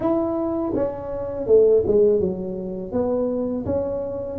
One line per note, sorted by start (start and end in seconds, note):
0.00 0.72 E4
0.74 1.46 C#4
1.46 1.83 A3
1.86 2.20 G#3
2.20 2.92 F#3
2.92 3.65 B3
3.66 4.38 C#4